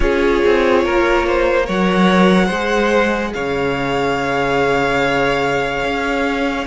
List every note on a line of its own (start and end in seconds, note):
0.00 0.41 C#4
0.00 1.63 F4
0.00 0.84 G#4
0.00 1.64 C#5
0.45 0.85 C4
0.84 1.68 A#3
0.84 1.26 A#4
1.26 1.65 C5
1.63 2.49 F#3
1.63 2.46 A#4
1.63 2.45 C#5
1.63 3.33 F#5
2.45 3.33 G#3
2.45 3.29 C5
2.52 6.66 G#4
3.33 5.83 C#3
3.33 6.66 C#5
3.33 6.66 F5
5.83 6.66 C#4